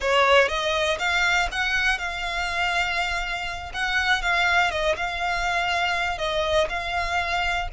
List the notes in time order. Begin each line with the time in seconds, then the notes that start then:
0.00 C#5
0.48 D#5
0.98 F5
1.51 F#5
1.98 F5
3.73 F#5
4.22 F5
4.70 D#5
4.96 F5
6.18 D#5
6.69 F5